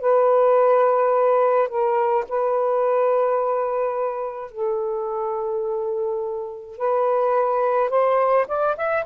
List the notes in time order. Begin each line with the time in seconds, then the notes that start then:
0.00 B4
1.68 A#4
2.28 B4
4.51 A4
6.77 B4
7.89 C5
8.47 D5
8.76 E5